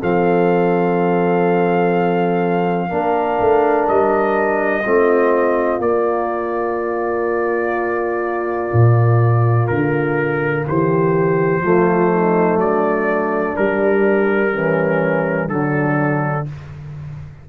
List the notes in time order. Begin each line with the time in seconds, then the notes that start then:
0.00 F3 C4 A4 F5
2.89 A#3 D4 A#4
3.40 A3
3.88 G3 D#5
4.85 A3 C4 F4
5.79 A#3 D5
8.73 A#2
9.68 D3 A#4
10.66 E3 G4 C5
11.62 F3 A3 F4
12.12 D#4
12.56 F#3 D4 D5
13.56 G3 A#4
14.52 E3 C#4
15.48 D3 F#3 D4 A4